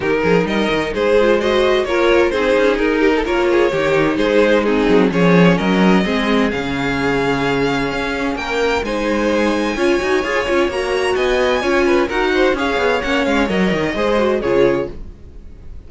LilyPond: <<
  \new Staff \with { instrumentName = "violin" } { \time 4/4 \tempo 4 = 129 ais'4 dis''4 c''4 dis''4 | cis''4 c''4 ais'4 cis''4~ | cis''4 c''4 gis'4 cis''4 | dis''2 f''2~ |
f''2 g''4 gis''4~ | gis''2. ais''4 | gis''2 fis''4 f''4 | fis''8 f''8 dis''2 cis''4 | }
  \new Staff \with { instrumentName = "violin" } { \time 4/4 g'8 gis'8 ais'4 gis'4 c''4 | ais'4 gis'4. g'16 a'16 ais'8 gis'8 | g'4 gis'4 dis'4 gis'4 | ais'4 gis'2.~ |
gis'2 ais'4 c''4~ | c''4 cis''2. | dis''4 cis''8 b'8 ais'8 c''8 cis''4~ | cis''2 c''4 gis'4 | }
  \new Staff \with { instrumentName = "viola" } { \time 4/4 dis'2~ dis'8 f'8 fis'4 | f'4 dis'2 f'4 | dis'2 c'4 cis'4~ | cis'4 c'4 cis'2~ |
cis'2. dis'4~ | dis'4 f'8 fis'8 gis'8 f'8 fis'4~ | fis'4 f'4 fis'4 gis'4 | cis'4 ais'4 gis'8 fis'8 f'4 | }
  \new Staff \with { instrumentName = "cello" } { \time 4/4 dis8 f8 g8 dis8 gis2 | ais4 c'8 cis'8 dis'4 ais4 | dis4 gis4. fis8 f4 | fis4 gis4 cis2~ |
cis4 cis'4 ais4 gis4~ | gis4 cis'8 dis'8 f'8 cis'8 ais4 | b4 cis'4 dis'4 cis'8 b8 | ais8 gis8 fis8 dis8 gis4 cis4 | }
>>